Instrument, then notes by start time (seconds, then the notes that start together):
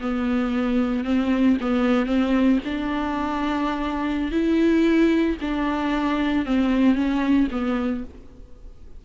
viola
0.00 B3
1.04 C4
1.61 B3
2.06 C4
2.65 D4
4.31 E4
5.41 D4
6.45 C4
6.95 C#4
7.51 B3